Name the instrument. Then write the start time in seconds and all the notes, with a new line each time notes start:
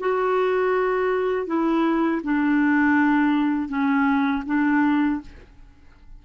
clarinet
0.00 F#4
1.47 E4
2.24 D4
3.69 C#4
4.46 D4